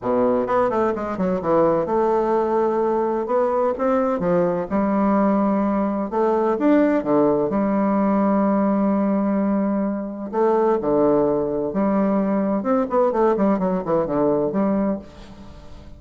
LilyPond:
\new Staff \with { instrumentName = "bassoon" } { \time 4/4 \tempo 4 = 128 b,4 b8 a8 gis8 fis8 e4 | a2. b4 | c'4 f4 g2~ | g4 a4 d'4 d4 |
g1~ | g2 a4 d4~ | d4 g2 c'8 b8 | a8 g8 fis8 e8 d4 g4 | }